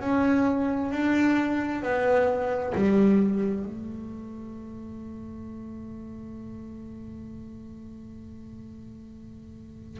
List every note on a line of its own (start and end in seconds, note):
0.00 0.91 C#4
0.91 1.82 D4
1.82 2.73 B3
2.74 3.65 G3
3.65 10.00 A3